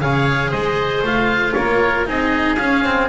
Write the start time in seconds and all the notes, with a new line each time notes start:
0.00 C#3 G#4 C#5 F5
0.50 G#3 C5 D#5
1.02 A3 F4 F5
1.53 A#3 A#4 C#5
2.05 C4 D#4 G#4 D#5
2.56 C#4 F5
2.85 C4